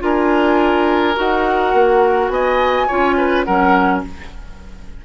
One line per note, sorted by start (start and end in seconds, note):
0.00 1.17 D4
0.00 1.14 F4
0.00 2.33 A#4
0.00 1.18 G#5
1.16 1.74 D#4
1.16 2.87 F#4
1.16 2.29 F#5
1.74 2.29 A#3
2.29 2.86 B3
2.29 2.87 D#5
2.29 3.43 G#5
2.87 3.47 C#4
2.87 3.47 F4
2.87 3.16 C#5
3.18 3.46 B4
3.45 4.05 F#3
3.45 4.06 C#4
3.45 4.03 A#4
3.45 4.02 F#5